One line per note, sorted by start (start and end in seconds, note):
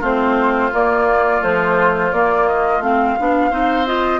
0.00 0.70 A3
0.00 0.72 C4
0.00 3.49 F4
0.00 0.73 C5
0.72 1.41 A#3
0.72 1.42 A#3
0.72 1.43 D5
1.41 2.12 F3
1.41 2.10 A3
1.41 2.12 C5
2.12 2.79 A#3
2.12 2.82 A#3
2.12 2.47 D5
2.47 2.82 D#5
2.79 3.14 A3
2.79 3.17 C4
2.79 3.87 F5
3.19 3.51 B3
3.19 3.50 D4
3.50 4.20 C4
3.50 3.85 D#4
3.50 4.20 C5
3.86 4.20 F4
3.86 4.20 D#5